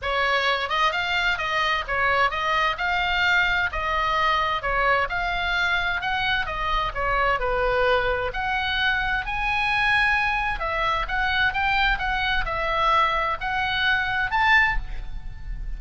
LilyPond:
\new Staff \with { instrumentName = "oboe" } { \time 4/4 \tempo 4 = 130 cis''4. dis''8 f''4 dis''4 | cis''4 dis''4 f''2 | dis''2 cis''4 f''4~ | f''4 fis''4 dis''4 cis''4 |
b'2 fis''2 | gis''2. e''4 | fis''4 g''4 fis''4 e''4~ | e''4 fis''2 a''4 | }